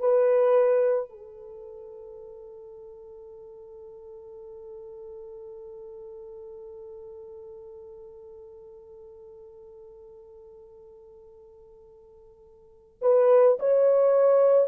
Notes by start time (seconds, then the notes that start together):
0.00 B4
1.10 A4
13.02 B4
13.60 C#5